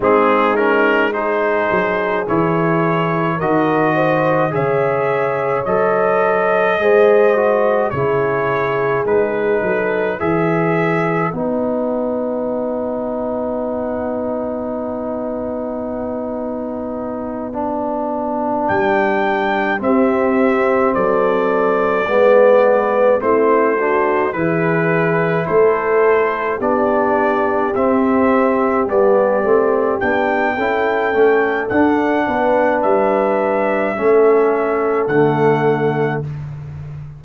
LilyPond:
<<
  \new Staff \with { instrumentName = "trumpet" } { \time 4/4 \tempo 4 = 53 gis'8 ais'8 c''4 cis''4 dis''4 | e''4 dis''2 cis''4 | b'4 e''4 fis''2~ | fis''1~ |
fis''8 g''4 e''4 d''4.~ | d''8 c''4 b'4 c''4 d''8~ | d''8 e''4 d''4 g''4. | fis''4 e''2 fis''4 | }
  \new Staff \with { instrumentName = "horn" } { \time 4/4 dis'4 gis'2 ais'8 c''8 | cis''2 c''4 gis'4~ | gis'8 a'8 b'2.~ | b'1~ |
b'4. g'4 a'4 b'8~ | b'8 e'8 fis'8 gis'4 a'4 g'8~ | g'2. a'4~ | a'8 b'4. a'2 | }
  \new Staff \with { instrumentName = "trombone" } { \time 4/4 c'8 cis'8 dis'4 e'4 fis'4 | gis'4 a'4 gis'8 fis'8 e'4 | dis'4 gis'4 dis'2~ | dis'2.~ dis'8 d'8~ |
d'4. c'2 b8~ | b8 c'8 d'8 e'2 d'8~ | d'8 c'4 b8 c'8 d'8 e'8 cis'8 | d'2 cis'4 a4 | }
  \new Staff \with { instrumentName = "tuba" } { \time 4/4 gis4. fis8 e4 dis4 | cis4 fis4 gis4 cis4 | gis8 fis8 e4 b2~ | b1~ |
b8 g4 c'4 fis4 gis8~ | gis8 a4 e4 a4 b8~ | b8 c'4 g8 a8 b8 cis'8 a8 | d'8 b8 g4 a4 d4 | }
>>